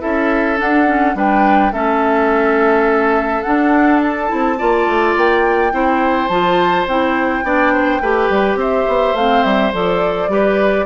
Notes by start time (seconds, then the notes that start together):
0.00 C#4 E4 A4 E5
0.57 D4 F#5
0.87 C#4
1.14 G3 D4 B4 G5
1.73 A3 C#4 A4 E5
3.42 D4 F#5
4.02 A5
4.27 C4 E4
4.58 A#3 F4 D5
4.87 A3
5.17 A#3 G5
5.72 C4 E4 C5
6.28 F3 F4 A5
6.87 C4 E4 G5
7.43 B3 D4 D5
7.73 C5
8.01 A3 G4 B4
8.30 G3
8.55 C4 C5 E5
8.88 B3
9.14 A3 C4 F5
9.43 G3 E5
9.73 F3 A4 D5
10.28 G3 G4 B4